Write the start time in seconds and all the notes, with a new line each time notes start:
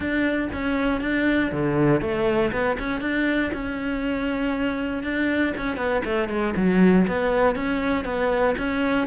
0.00 D4
0.52 C#4
1.01 D4
1.51 D3
2.01 A3
2.52 B3
2.78 C#4
3.00 D4
3.53 C#4
5.03 D4
5.57 C#4
5.76 B3
6.05 A3
6.29 G#3
6.56 F#3
7.07 B3
7.55 C#4
8.04 B3
8.58 C#4